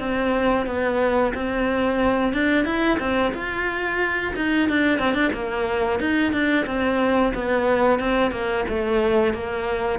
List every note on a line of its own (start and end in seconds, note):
0.00 0.67 C4
0.67 1.34 B3
1.35 2.34 C4
2.34 2.65 D4
2.65 2.99 E4
2.99 3.33 C4
3.34 4.34 F4
4.36 4.69 D#4
4.69 5.00 D4
5.00 5.15 C4
5.15 5.32 D4
5.34 6.00 A#3
6.00 6.33 D#4
6.33 6.66 D4
6.67 7.34 C4
7.35 8.00 B3
8.00 8.32 C4
8.32 8.65 A#3
8.69 9.35 A3
9.35 9.99 A#3